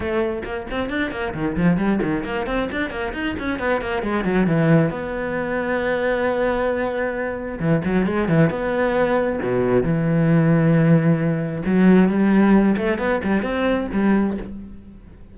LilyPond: \new Staff \with { instrumentName = "cello" } { \time 4/4 \tempo 4 = 134 a4 ais8 c'8 d'8 ais8 dis8 f8 | g8 dis8 ais8 c'8 d'8 ais8 dis'8 cis'8 | b8 ais8 gis8 fis8 e4 b4~ | b1~ |
b4 e8 fis8 gis8 e8 b4~ | b4 b,4 e2~ | e2 fis4 g4~ | g8 a8 b8 g8 c'4 g4 | }